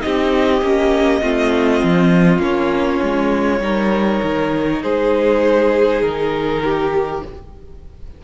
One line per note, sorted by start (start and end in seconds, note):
0.00 0.61 C4
0.00 0.60 D#4
0.00 1.22 G4
0.00 2.41 D#5
0.61 1.22 A#3
0.61 1.22 C#4
1.22 1.82 A3
1.22 2.40 C4
1.22 3.62 F4
1.83 2.39 F3
2.39 2.98 A#3
2.39 3.60 C#4
2.39 4.83 C#5
3.02 3.60 G#3
3.60 4.20 G3
3.60 7.22 D#4
3.60 4.83 A#4
4.22 4.83 D#3
4.83 6.02 G#3
4.83 6.63 G#4
4.83 6.02 C5
6.02 7.22 D#3
6.02 7.22 A#4
6.64 7.24 G4